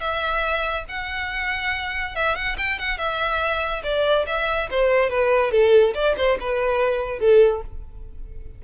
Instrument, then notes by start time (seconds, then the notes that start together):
violin
0.00 E5
0.89 F#5
2.15 E5
2.35 F#5
2.58 G5
2.79 F#5
2.98 E5
3.83 D5
4.26 E5
4.70 C5
5.10 B4
5.51 A4
5.94 D5
6.17 C5
6.40 B4
7.19 A4